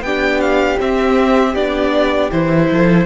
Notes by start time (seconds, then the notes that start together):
0.00 B3 D4 G4 G5
0.40 F5
0.78 C4 E5
1.54 B3 D4 D5
2.31 E3 E4 C5
2.70 F3 A4